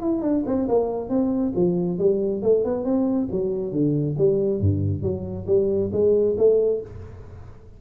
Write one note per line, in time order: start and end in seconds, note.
0.00 0.22 E4
0.22 0.44 D4
0.46 0.68 C4
0.69 1.09 A#3
1.09 1.53 C4
1.56 1.99 F3
1.99 2.42 G3
2.43 2.65 A3
2.65 2.85 B3
2.85 3.28 C4
3.32 3.72 F#3
3.72 4.16 D3
4.18 4.60 G3
4.60 5.02 G2
5.02 5.46 F#3
5.47 5.91 G3
5.92 6.36 G#3
6.38 6.81 A3